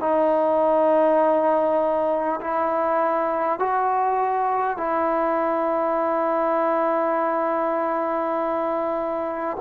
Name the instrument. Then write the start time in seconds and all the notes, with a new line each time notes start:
trombone
0.00 D#4
2.41 E4
3.59 F#4
4.77 E4